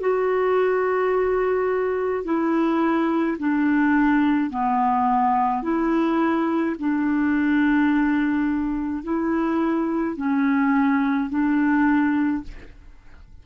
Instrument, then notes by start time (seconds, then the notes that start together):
clarinet
0.00 F#4
2.24 E4
3.38 D4
4.50 B3
5.62 E4
6.79 D4
9.03 E4
10.16 C#4
11.30 D4